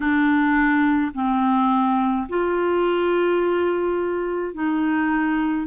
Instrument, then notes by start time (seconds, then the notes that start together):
clarinet
0.00 D4
1.14 C4
2.28 F4
4.53 D#4